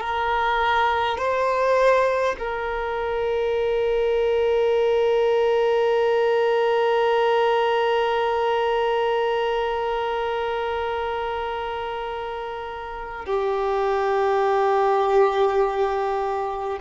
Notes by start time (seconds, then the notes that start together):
0.00 A#4
1.18 C5
2.39 A#4
13.25 G4